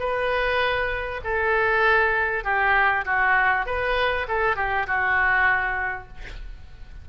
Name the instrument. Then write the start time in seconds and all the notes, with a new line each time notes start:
oboe
0.00 B4
1.25 A4
2.45 G4
3.06 F#4
3.67 B4
4.28 A4
4.56 G4
4.87 F#4